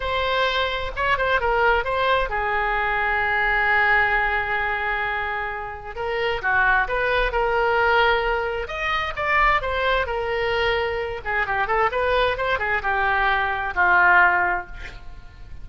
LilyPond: \new Staff \with { instrumentName = "oboe" } { \time 4/4 \tempo 4 = 131 c''2 cis''8 c''8 ais'4 | c''4 gis'2.~ | gis'1~ | gis'4 ais'4 fis'4 b'4 |
ais'2. dis''4 | d''4 c''4 ais'2~ | ais'8 gis'8 g'8 a'8 b'4 c''8 gis'8 | g'2 f'2 | }